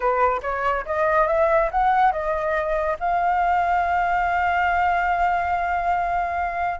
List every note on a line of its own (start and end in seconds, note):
0.00 0.40 B4
0.42 0.84 C#5
0.85 1.27 D#5
1.27 1.69 E5
1.71 2.11 F#5
2.11 2.97 D#5
2.99 6.79 F5